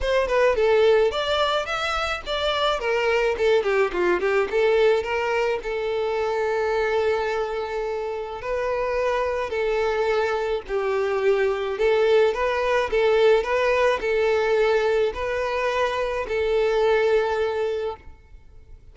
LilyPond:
\new Staff \with { instrumentName = "violin" } { \time 4/4 \tempo 4 = 107 c''8 b'8 a'4 d''4 e''4 | d''4 ais'4 a'8 g'8 f'8 g'8 | a'4 ais'4 a'2~ | a'2. b'4~ |
b'4 a'2 g'4~ | g'4 a'4 b'4 a'4 | b'4 a'2 b'4~ | b'4 a'2. | }